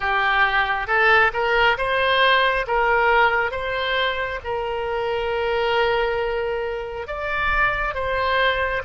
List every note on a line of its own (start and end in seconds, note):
0.00 0.87 G4
0.87 1.31 A4
1.33 1.77 A#4
1.77 2.66 C5
2.67 3.51 A#4
3.51 4.39 C5
4.44 7.07 A#4
7.07 7.94 D5
7.94 8.82 C5